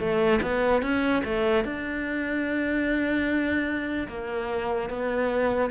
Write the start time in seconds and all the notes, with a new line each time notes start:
0.00 A3
0.42 B3
0.83 C#4
1.25 A3
1.65 D4
4.09 A#3
4.90 B3